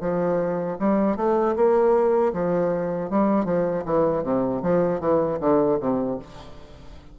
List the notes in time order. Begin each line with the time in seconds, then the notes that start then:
0.00 F3
0.79 G3
1.16 A3
1.56 A#3
2.33 F3
3.10 G3
3.45 F3
3.85 E3
4.23 C3
4.62 F3
5.00 E3
5.40 D3
5.80 C3